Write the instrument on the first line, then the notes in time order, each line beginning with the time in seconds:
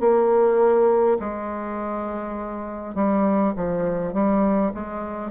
bassoon
0.00 A#3
1.19 G#3
2.95 G3
3.56 F3
4.13 G3
4.74 G#3